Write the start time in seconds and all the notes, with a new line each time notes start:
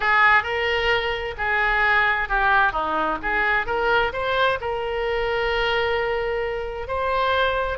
0.00 G#4
0.43 A#4
1.37 G#4
2.28 G4
2.72 D#4
3.22 G#4
3.66 A#4
4.12 C5
4.60 A#4
6.87 C5